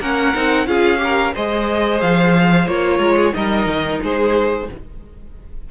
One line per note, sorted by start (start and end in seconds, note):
0.00 0.33 A#3
0.00 0.34 C#4
0.00 0.67 A#4
0.00 0.67 F#5
0.34 0.66 C4
0.34 0.66 D#4
0.66 1.32 C#4
0.66 0.97 F4
0.66 1.00 G#4
0.66 1.33 F5
0.97 1.30 G4
1.03 1.33 A#4
1.33 2.02 G#3
1.33 2.67 G#4
1.33 2.97 C5
1.33 2.01 D#5
2.01 2.67 F3
2.01 2.67 F5
2.67 2.99 A#3
2.67 3.33 F4
2.67 3.33 C#5
2.97 3.32 G#3
2.97 3.14 A#4
3.16 3.33 G#4
3.33 3.66 G3
3.33 4.67 D#4
3.33 4.02 A#4
3.33 4.00 D#5
3.66 3.99 D#3
4.02 4.69 G#3
4.02 4.69 G#4
4.02 4.70 C5